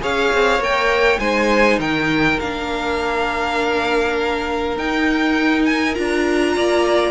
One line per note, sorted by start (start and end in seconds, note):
0.00 0.33 C#4
0.00 0.59 G#4
0.00 1.20 C#5
0.00 0.62 F5
0.33 0.59 C4
0.59 1.18 A#3
0.59 1.18 A#4
0.59 1.19 G5
1.18 1.78 G#3
1.18 2.37 D#4
1.18 1.79 C5
1.18 1.78 G#5
1.78 2.38 D#3
1.78 6.54 A#4
1.78 2.39 G5
2.39 4.77 A#3
2.39 4.78 D4
2.39 4.77 F5
4.77 5.95 D#4
4.77 5.65 G5
5.65 5.94 G#5
5.94 6.56 D4
5.94 7.11 F4
5.94 7.11 A#5
6.56 7.11 A#3
6.56 7.11 D5